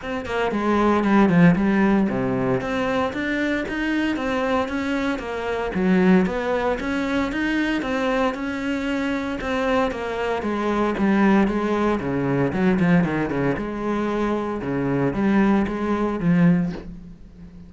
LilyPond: \new Staff \with { instrumentName = "cello" } { \time 4/4 \tempo 4 = 115 c'8 ais8 gis4 g8 f8 g4 | c4 c'4 d'4 dis'4 | c'4 cis'4 ais4 fis4 | b4 cis'4 dis'4 c'4 |
cis'2 c'4 ais4 | gis4 g4 gis4 cis4 | fis8 f8 dis8 cis8 gis2 | cis4 g4 gis4 f4 | }